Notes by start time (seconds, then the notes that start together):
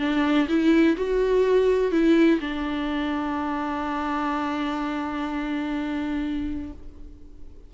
0.00 D4
0.49 E4
0.97 F#4
1.92 E4
2.40 D4